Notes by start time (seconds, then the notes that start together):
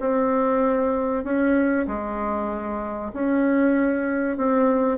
0.00 C4
1.24 C#4
1.87 G#3
3.13 C#4
4.37 C4